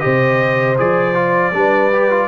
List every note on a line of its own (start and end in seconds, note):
0.00 0.79 C3
0.00 0.76 G4
0.00 1.56 C5
0.00 0.76 D#5
0.78 1.52 F3
0.78 1.15 G#4
0.78 2.28 D5
1.15 1.53 F4
1.52 2.28 G3
1.52 1.91 D4
1.52 2.28 B4
1.92 2.10 G4
2.10 2.28 F4